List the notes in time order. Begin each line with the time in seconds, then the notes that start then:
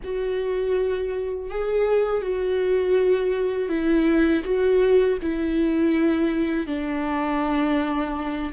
0.04 F#4
1.50 G#4
2.22 F#4
3.68 E4
4.44 F#4
5.22 E4
6.66 D4